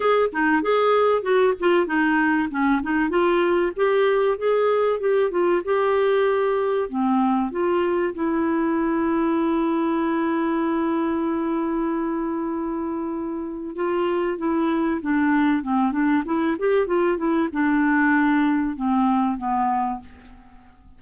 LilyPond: \new Staff \with { instrumentName = "clarinet" } { \time 4/4 \tempo 4 = 96 gis'8 dis'8 gis'4 fis'8 f'8 dis'4 | cis'8 dis'8 f'4 g'4 gis'4 | g'8 f'8 g'2 c'4 | f'4 e'2.~ |
e'1~ | e'2 f'4 e'4 | d'4 c'8 d'8 e'8 g'8 f'8 e'8 | d'2 c'4 b4 | }